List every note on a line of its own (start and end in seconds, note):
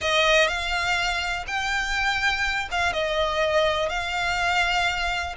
0.01 0.47 D#5
0.47 1.45 F5
1.47 2.69 G5
2.71 2.92 F5
2.92 3.89 D#5
3.89 5.35 F5